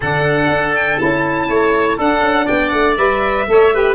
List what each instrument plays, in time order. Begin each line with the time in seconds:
0.00 tuba D3, saxophone D4, oboe A4, violin F#5
0.49 tuba D4
0.75 violin G5
0.98 tuba C#4, saxophone E4, violin A5
1.49 tuba A3, oboe C#5
1.97 tuba D4, saxophone D4, oboe A4, violin F#5
2.21 tuba C#4
2.45 tuba B3, oboe D5, violin G5
2.69 tuba A3, violin F#5
2.97 tuba G3, saxophone B4, violin E5
3.47 tuba A3, saxophone A4, oboe C#5
3.73 saxophone G4, oboe B4